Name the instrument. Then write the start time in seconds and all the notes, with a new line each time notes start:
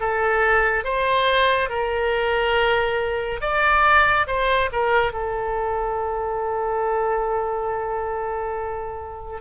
oboe
0.00 A4
0.84 C5
1.69 A#4
3.41 D5
4.27 C5
4.72 A#4
5.12 A4